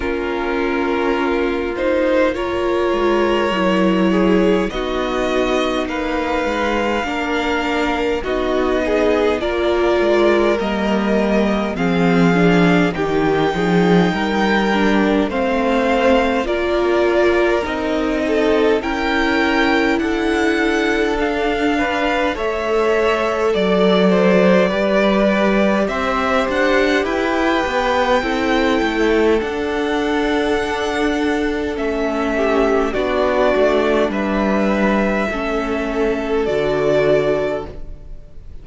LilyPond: <<
  \new Staff \with { instrumentName = "violin" } { \time 4/4 \tempo 4 = 51 ais'4. c''8 cis''2 | dis''4 f''2 dis''4 | d''4 dis''4 f''4 g''4~ | g''4 f''4 d''4 dis''4 |
g''4 fis''4 f''4 e''4 | d''2 e''8 fis''8 g''4~ | g''4 fis''2 e''4 | d''4 e''2 d''4 | }
  \new Staff \with { instrumentName = "violin" } { \time 4/4 f'2 ais'4. gis'8 | fis'4 b'4 ais'4 fis'8 gis'8 | ais'2 gis'4 g'8 gis'8 | ais'4 c''4 ais'4. a'8 |
ais'4 a'4. b'8 cis''4 | d''8 c''8 b'4 c''4 b'4 | a'2.~ a'8 g'8 | fis'4 b'4 a'2 | }
  \new Staff \with { instrumentName = "viola" } { \time 4/4 cis'4. dis'8 f'4 e'4 | dis'2 d'4 dis'4 | f'4 ais4 c'8 d'8 dis'4~ | dis'8 d'8 c'4 f'4 dis'4 |
e'2 d'4 a'4~ | a'4 g'2. | e'4 d'2 cis'4 | d'2 cis'4 fis'4 | }
  \new Staff \with { instrumentName = "cello" } { \time 4/4 ais2~ ais8 gis8 fis4 | b4 ais8 gis8 ais4 b4 | ais8 gis8 g4 f4 dis8 f8 | g4 a4 ais4 c'4 |
cis'4 d'2 a4 | fis4 g4 c'8 d'8 e'8 b8 | c'8 a8 d'2 a4 | b8 a8 g4 a4 d4 | }
>>